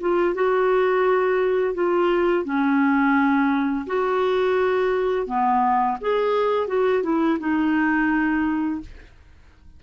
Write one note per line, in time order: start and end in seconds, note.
0.00 0.35 F4
0.35 1.74 F#4
1.74 2.45 F4
2.45 3.86 C#4
3.87 5.27 F#4
5.27 5.97 B3
6.01 6.67 G#4
6.67 7.03 F#4
7.03 7.38 E4
7.39 8.80 D#4